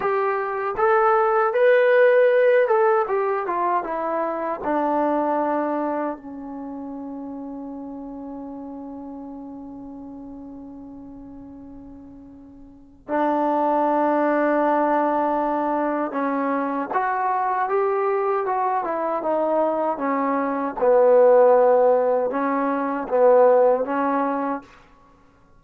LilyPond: \new Staff \with { instrumentName = "trombone" } { \time 4/4 \tempo 4 = 78 g'4 a'4 b'4. a'8 | g'8 f'8 e'4 d'2 | cis'1~ | cis'1~ |
cis'4 d'2.~ | d'4 cis'4 fis'4 g'4 | fis'8 e'8 dis'4 cis'4 b4~ | b4 cis'4 b4 cis'4 | }